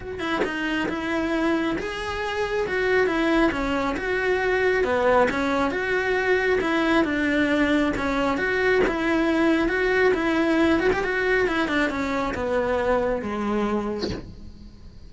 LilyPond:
\new Staff \with { instrumentName = "cello" } { \time 4/4 \tempo 4 = 136 fis'8 e'8 dis'4 e'2 | gis'2 fis'4 e'4 | cis'4 fis'2 b4 | cis'4 fis'2 e'4 |
d'2 cis'4 fis'4 | e'2 fis'4 e'4~ | e'8 fis'16 g'16 fis'4 e'8 d'8 cis'4 | b2 gis2 | }